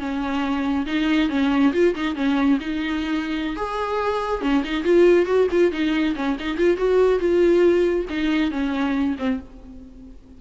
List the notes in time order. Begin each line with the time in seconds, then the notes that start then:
0.00 C#4
0.87 D#4
1.30 C#4
1.73 F4
1.95 D#4
2.16 C#4
2.60 D#4
3.57 G#4
4.42 C#4
4.65 D#4
4.84 F4
5.26 F#4
5.52 F4
5.72 D#4
6.15 C#4
6.40 D#4
6.58 F4
6.77 F#4
7.20 F4
8.10 D#4
8.51 C#4
9.19 C4